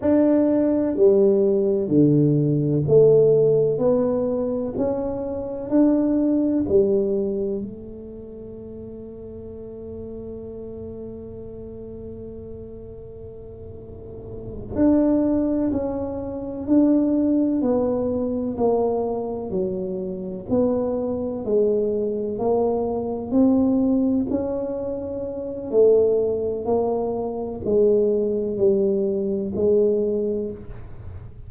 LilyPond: \new Staff \with { instrumentName = "tuba" } { \time 4/4 \tempo 4 = 63 d'4 g4 d4 a4 | b4 cis'4 d'4 g4 | a1~ | a2.~ a8 d'8~ |
d'8 cis'4 d'4 b4 ais8~ | ais8 fis4 b4 gis4 ais8~ | ais8 c'4 cis'4. a4 | ais4 gis4 g4 gis4 | }